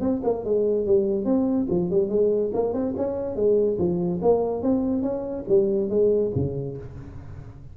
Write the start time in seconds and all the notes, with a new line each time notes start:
0.00 C4
0.23 A#3
0.44 G#3
0.85 G3
1.25 C4
1.69 F3
1.90 G3
2.09 G#3
2.53 A#3
2.73 C4
2.96 C#4
3.35 G#3
3.78 F3
4.22 A#3
4.62 C4
5.02 C#4
5.48 G3
5.89 G#3
6.35 C#3